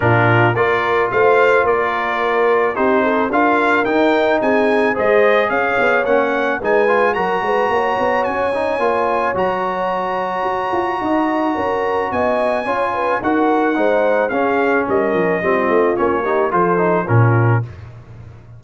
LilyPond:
<<
  \new Staff \with { instrumentName = "trumpet" } { \time 4/4 \tempo 4 = 109 ais'4 d''4 f''4 d''4~ | d''4 c''4 f''4 g''4 | gis''4 dis''4 f''4 fis''4 | gis''4 ais''2 gis''4~ |
gis''4 ais''2.~ | ais''2 gis''2 | fis''2 f''4 dis''4~ | dis''4 cis''4 c''4 ais'4 | }
  \new Staff \with { instrumentName = "horn" } { \time 4/4 f'4 ais'4 c''4 ais'4~ | ais'4 g'8 a'8 ais'2 | gis'4 c''4 cis''2 | b'4 ais'8 b'8 cis''2~ |
cis''1 | dis''4 ais'4 dis''4 cis''8 b'8 | ais'4 c''4 gis'4 ais'4 | f'4. g'8 a'4 f'4 | }
  \new Staff \with { instrumentName = "trombone" } { \time 4/4 d'4 f'2.~ | f'4 dis'4 f'4 dis'4~ | dis'4 gis'2 cis'4 | dis'8 f'8 fis'2~ fis'8 dis'8 |
f'4 fis'2.~ | fis'2. f'4 | fis'4 dis'4 cis'2 | c'4 cis'8 dis'8 f'8 dis'8 cis'4 | }
  \new Staff \with { instrumentName = "tuba" } { \time 4/4 ais,4 ais4 a4 ais4~ | ais4 c'4 d'4 dis'4 | c'4 gis4 cis'8 b8 ais4 | gis4 fis8 gis8 ais8 b8 cis'4 |
ais4 fis2 fis'8 f'8 | dis'4 cis'4 b4 cis'4 | dis'4 gis4 cis'4 g8 f8 | g8 a8 ais4 f4 ais,4 | }
>>